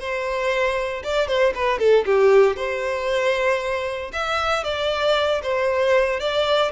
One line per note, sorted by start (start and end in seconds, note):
0.00 1.03 C5
1.04 1.28 D5
1.28 1.54 C5
1.55 1.79 B4
1.79 2.05 A4
2.06 2.57 G4
2.57 4.12 C5
4.14 4.64 E5
4.64 5.42 D5
5.43 6.20 C5
6.20 6.72 D5